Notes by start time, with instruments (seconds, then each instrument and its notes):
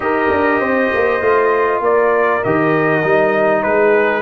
0.00 tuba D#4, trombone G4, horn A#4, trumpet D#5
0.30 tuba D4
0.59 tuba C4, horn C5
0.94 tuba A#3
1.21 tuba A3, trombone F4
1.80 tuba A#3, horn A#4, trumpet D5
2.43 tuba D#3, trombone G4, trumpet D#5
3.03 tuba G3, trombone D#4
3.62 tuba G#3, horn G#4, trumpet B4